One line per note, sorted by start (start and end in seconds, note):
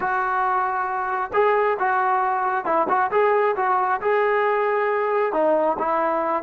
0.00 1.31 F#4
1.33 1.77 G#4
1.79 2.65 F#4
2.65 2.87 E4
2.88 3.11 F#4
3.11 3.55 G#4
3.56 4.00 F#4
4.01 5.33 G#4
5.33 5.77 D#4
5.78 6.43 E4